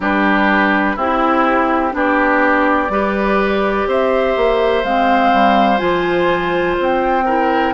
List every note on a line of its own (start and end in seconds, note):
0.00 0.96 G3
0.00 0.97 D4
0.00 0.96 G4
0.00 0.97 B4
0.96 1.93 C4
0.96 1.93 E4
0.96 1.91 E4
0.96 1.94 G4
1.91 2.89 B3
1.91 2.88 D4
1.91 2.92 G4
1.91 3.89 D5
2.89 3.86 G3
2.89 4.84 G4
2.89 3.88 B4
3.86 4.35 C4
3.86 7.25 C5
3.86 4.83 E5
4.36 4.83 A#3
4.83 5.32 G#3
4.83 5.77 C4
4.83 5.78 F5
5.32 5.80 G3
5.77 6.77 F3
5.77 7.22 F4
5.77 6.74 G#5
6.78 7.73 C4
6.78 7.73 G5
7.25 7.73 E4
7.25 7.73 A#4